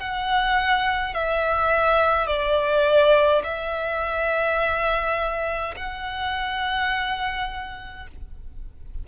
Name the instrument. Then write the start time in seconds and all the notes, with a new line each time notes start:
violin
0.00 F#5
1.14 E5
2.27 D5
3.44 E5
5.77 F#5